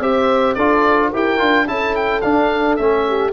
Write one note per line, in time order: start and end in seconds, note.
0.00 0.55 C4
0.00 0.57 G4
0.00 0.55 C5
0.00 0.54 E5
0.54 1.11 D4
0.54 1.13 F4
0.54 1.10 A4
0.54 1.10 D5
1.10 1.40 E4
1.10 1.39 G4
1.10 1.65 A#4
1.10 1.68 G5
1.39 1.68 D4
1.39 1.66 F4
1.67 2.23 C#4
1.67 2.22 E4
1.67 3.07 A4
1.67 1.95 A5
1.95 2.21 G5
2.21 2.78 D4
2.21 2.79 D4
2.21 2.76 F5
2.76 3.32 A3
2.76 3.32 C#4
2.76 3.31 E5
3.07 3.32 G4